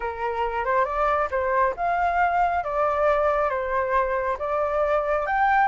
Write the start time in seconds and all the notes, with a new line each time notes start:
0.00 A#4
0.64 C5
0.84 D5
1.30 C5
1.76 F5
2.63 D5
3.49 C5
4.38 D5
5.26 G5